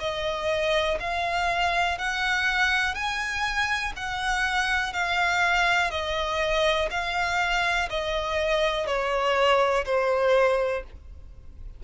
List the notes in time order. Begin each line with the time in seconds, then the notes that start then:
0.00 D#5
1.00 F5
1.99 F#5
2.95 G#5
3.97 F#5
4.93 F5
5.91 D#5
6.91 F5
7.90 D#5
8.87 C#5
9.85 C5